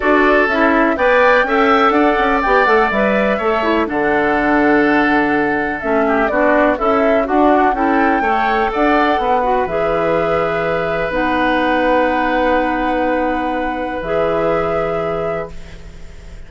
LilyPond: <<
  \new Staff \with { instrumentName = "flute" } { \time 4/4 \tempo 4 = 124 d''4 e''4 g''2 | fis''4 g''8 fis''8 e''2 | fis''1 | e''4 d''4 e''4 fis''4 |
g''2 fis''2 | e''2. fis''4~ | fis''1~ | fis''4 e''2. | }
  \new Staff \with { instrumentName = "oboe" } { \time 4/4 a'2 d''4 e''4 | d''2. cis''4 | a'1~ | a'8 g'8 fis'4 e'4 d'4 |
a'4 cis''4 d''4 b'4~ | b'1~ | b'1~ | b'1 | }
  \new Staff \with { instrumentName = "clarinet" } { \time 4/4 fis'4 e'4 b'4 a'4~ | a'4 g'8 a'8 b'4 a'8 e'8 | d'1 | cis'4 d'4 a'4 fis'4 |
e'4 a'2~ a'8 fis'8 | gis'2. dis'4~ | dis'1~ | dis'4 gis'2. | }
  \new Staff \with { instrumentName = "bassoon" } { \time 4/4 d'4 cis'4 b4 cis'4 | d'8 cis'8 b8 a8 g4 a4 | d1 | a4 b4 cis'4 d'4 |
cis'4 a4 d'4 b4 | e2. b4~ | b1~ | b4 e2. | }
>>